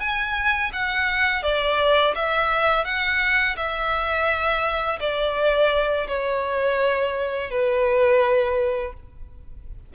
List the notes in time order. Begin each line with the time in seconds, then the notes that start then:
0.00 G#5
0.73 F#5
1.43 D5
2.15 E5
2.85 F#5
3.56 E5
5.00 D5
6.08 C#5
7.51 B4